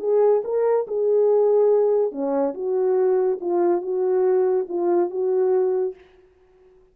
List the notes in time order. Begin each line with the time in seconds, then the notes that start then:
0.00 G#4
0.44 A#4
0.88 G#4
2.12 C#4
2.54 F#4
3.41 F4
3.82 F#4
4.69 F4
5.10 F#4